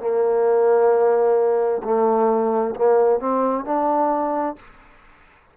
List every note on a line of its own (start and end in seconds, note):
0.00 1.82 A#3
1.84 2.75 A3
2.76 3.19 A#3
3.19 3.65 C4
3.65 4.56 D4